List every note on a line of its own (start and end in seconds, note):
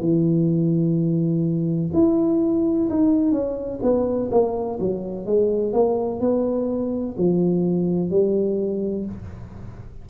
0.00 1.90 E3
1.93 2.88 E4
2.90 3.32 D#4
3.32 3.79 C#4
3.82 4.30 B3
4.31 4.78 A#3
4.79 5.26 F#3
5.26 5.73 G#3
5.73 6.20 A#3
6.20 7.16 B3
7.17 8.10 F3
8.10 9.05 G3